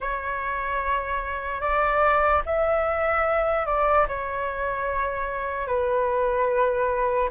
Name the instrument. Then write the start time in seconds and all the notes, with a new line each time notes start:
flute
0.00 C#5
1.60 D5
2.45 E5
3.66 D5
4.08 C#5
5.67 B4